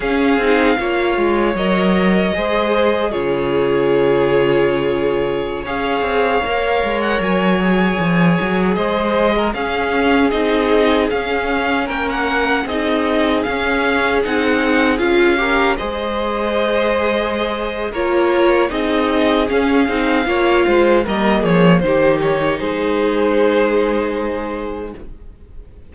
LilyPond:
<<
  \new Staff \with { instrumentName = "violin" } { \time 4/4 \tempo 4 = 77 f''2 dis''2 | cis''2.~ cis''16 f''8.~ | f''4 fis''16 gis''2 dis''8.~ | dis''16 f''4 dis''4 f''4 g''16 fis''8~ |
fis''16 dis''4 f''4 fis''4 f''8.~ | f''16 dis''2~ dis''8. cis''4 | dis''4 f''2 dis''8 cis''8 | c''8 cis''8 c''2. | }
  \new Staff \with { instrumentName = "violin" } { \time 4/4 gis'4 cis''2 c''4 | gis'2.~ gis'16 cis''8.~ | cis''2.~ cis''16 c''8. | ais'16 gis'2. ais'8.~ |
ais'16 gis'2.~ gis'8 ais'16~ | ais'16 c''2~ c''8. ais'4 | gis'2 cis''8 c''8 ais'8 gis'8 | g'4 gis'2. | }
  \new Staff \with { instrumentName = "viola" } { \time 4/4 cis'8 dis'8 f'4 ais'4 gis'4 | f'2.~ f'16 gis'8.~ | gis'16 ais'4. gis'2~ gis'16~ | gis'16 cis'4 dis'4 cis'4.~ cis'16~ |
cis'16 dis'4 cis'4 dis'4 f'8 g'16~ | g'16 gis'2~ gis'8. f'4 | dis'4 cis'8 dis'8 f'4 ais4 | dis'1 | }
  \new Staff \with { instrumentName = "cello" } { \time 4/4 cis'8 c'8 ais8 gis8 fis4 gis4 | cis2.~ cis16 cis'8 c'16~ | c'16 ais8 gis8 fis4 f8 fis8 gis8.~ | gis16 cis'4 c'4 cis'4 ais8.~ |
ais16 c'4 cis'4 c'4 cis'8.~ | cis'16 gis2~ gis8. ais4 | c'4 cis'8 c'8 ais8 gis8 g8 f8 | dis4 gis2. | }
>>